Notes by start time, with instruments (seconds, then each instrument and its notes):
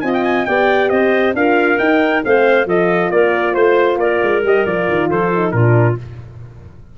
0.00 tuba C4, horn F4, clarinet D#5, trumpet G#5
0.14 trumpet G5
0.24 trumpet G#5
0.45 tuba B3, horn G4, clarinet D5, trumpet G5
0.89 tuba C4, clarinet C5, trumpet D#5
1.34 tuba D4, horn F4, clarinet A#4, trumpet F5
1.78 horn D#4, tuba D#4, trumpet G5
2.22 tuba A3, horn C4, clarinet C5, trumpet F5
2.66 tuba F3, horn F4, clarinet A4, trumpet D#5
3.11 tuba A#3, clarinet A#4, trumpet D5
3.53 tuba A3, clarinet C5, trumpet C5
3.97 tuba A#3, clarinet A#4, trumpet D5
4.23 tuba G#3
4.43 tuba G3, horn G4, trumpet D#5
4.66 tuba F3, horn F4, trumpet D5
4.89 tuba D#3
5.09 tuba F3, clarinet A4, trumpet C5
5.33 horn D#4
5.51 tuba A#2, horn D4, clarinet F4, trumpet A#4